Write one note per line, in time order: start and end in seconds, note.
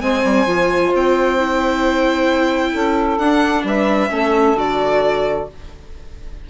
0.00 0.23 G#3
0.00 0.45 C4
0.00 2.72 C5
0.00 0.92 G#5
0.23 0.46 G3
0.46 0.91 F3
0.46 1.37 F4
0.93 2.74 C4
0.93 3.18 G5
1.37 3.19 E4
2.72 3.18 C#4
2.72 3.63 A4
3.18 3.63 D4
3.18 4.09 D4
3.18 3.63 F#5
3.63 4.09 G3
3.63 4.11 B4
3.63 4.57 E5
4.09 4.53 A3
4.09 4.54 C#4
4.09 5.49 A4
4.53 5.44 D3
4.53 5.47 F#4
4.53 5.48 D5